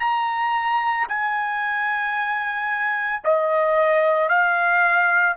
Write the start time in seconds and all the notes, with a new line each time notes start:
0.00 A#5
1.09 G#5
3.24 D#5
4.30 F5